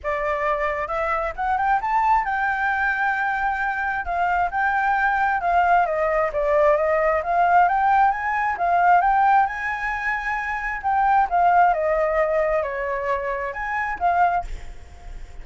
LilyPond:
\new Staff \with { instrumentName = "flute" } { \time 4/4 \tempo 4 = 133 d''2 e''4 fis''8 g''8 | a''4 g''2.~ | g''4 f''4 g''2 | f''4 dis''4 d''4 dis''4 |
f''4 g''4 gis''4 f''4 | g''4 gis''2. | g''4 f''4 dis''2 | cis''2 gis''4 f''4 | }